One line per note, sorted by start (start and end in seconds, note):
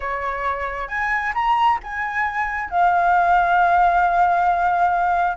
0.00 0.88 C#5
0.88 1.32 G#5
1.34 1.79 A#5
1.83 2.70 G#5
2.70 5.37 F5